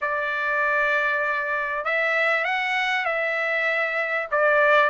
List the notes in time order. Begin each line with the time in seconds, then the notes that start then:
0.01 D5
1.84 E5
2.44 F#5
3.05 E5
4.31 D5